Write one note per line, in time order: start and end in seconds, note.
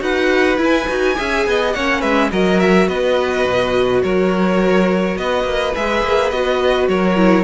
0.00 0.59 D#4
0.00 0.57 F#4
0.00 1.17 B4
0.00 0.60 F#5
0.58 0.87 E4
0.64 1.73 G#5
0.89 1.18 D#4
0.89 1.16 F#4
1.16 1.47 C#4
1.16 1.73 G#4
1.16 1.47 E5
1.47 1.75 B3
1.47 1.76 D#5
1.73 2.03 A#3
1.73 2.32 C#4
1.73 2.00 C#5
1.73 2.02 F#5
2.00 2.31 G#3
2.00 2.29 B4
2.00 2.30 E5
2.32 2.88 F#3
2.32 5.74 F#4
2.32 2.88 A#4
2.32 2.60 D#5
2.60 2.88 E5
2.88 3.45 B3
2.88 4.02 B4
2.88 4.03 D#5
3.45 4.03 B2
4.03 5.17 F#3
4.03 5.18 A#4
4.03 5.18 C#5
5.17 5.44 B3
5.17 6.89 B4
5.17 5.75 D#5
5.44 5.73 A#3
5.76 6.04 G#3
5.76 6.33 G#4
5.76 6.30 E5
6.04 6.31 A#3
6.30 6.88 B3
6.30 7.17 F#4
6.30 6.88 D#5
6.89 7.45 F#3
6.89 7.45 A#4
6.89 7.45 C#5
7.17 7.45 E4